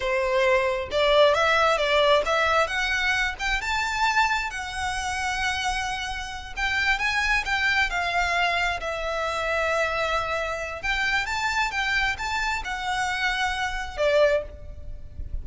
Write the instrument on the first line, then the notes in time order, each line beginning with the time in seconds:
violin
0.00 C5
0.91 D5
1.34 E5
1.77 D5
2.25 E5
2.67 F#5
3.39 G5
3.61 A5
4.50 F#5
6.56 G5
6.98 G#5
7.45 G5
7.89 F5
8.80 E5
10.82 G5
11.26 A5
11.71 G5
12.17 A5
12.64 F#5
13.97 D5